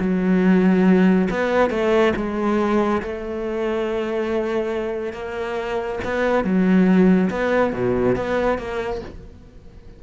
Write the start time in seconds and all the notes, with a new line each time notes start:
0.00 F#3
1.30 B3
1.70 A3
2.16 G#3
3.02 A3
5.13 A#3
6.04 B3
6.44 F#3
7.31 B3
7.73 B2
8.16 B3
8.58 A#3